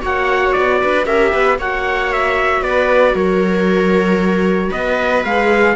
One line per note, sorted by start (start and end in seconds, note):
0.00 0.55 A#3
0.00 1.04 F#4
0.00 0.79 C#5
0.00 0.52 F#5
0.52 0.83 B3
0.52 1.04 D5
0.80 1.06 D4
0.80 1.06 B4
1.06 1.32 C#4
1.06 1.58 G4
1.06 1.32 A#4
1.06 1.58 E5
1.32 1.58 B3
1.32 1.58 B4
1.58 2.61 A#3
1.58 5.26 F#4
1.58 2.62 C#5
1.58 2.12 F#5
2.12 2.63 E5
2.61 3.13 B3
2.61 3.14 B4
2.61 3.15 D5
3.14 4.70 F#3
3.14 4.69 A#4
3.14 4.71 C#5
4.69 5.24 B3
4.69 5.74 B4
4.69 5.23 D#5
5.24 5.75 G#3
5.24 5.75 G#4
5.24 5.75 F5